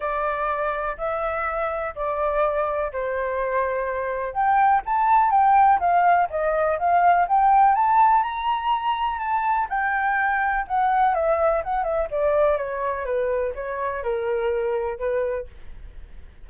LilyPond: \new Staff \with { instrumentName = "flute" } { \time 4/4 \tempo 4 = 124 d''2 e''2 | d''2 c''2~ | c''4 g''4 a''4 g''4 | f''4 dis''4 f''4 g''4 |
a''4 ais''2 a''4 | g''2 fis''4 e''4 | fis''8 e''8 d''4 cis''4 b'4 | cis''4 ais'2 b'4 | }